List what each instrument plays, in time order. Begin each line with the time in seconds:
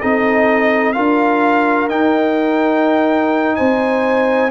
0.00 tuba C4, trombone D#4, horn A4, trumpet D#5
0.92 tuba D4, trombone F4, horn A#4, trumpet F5
1.89 trombone D#4, tuba D#4, trumpet G5
3.56 tuba C4, horn C5, trumpet G#5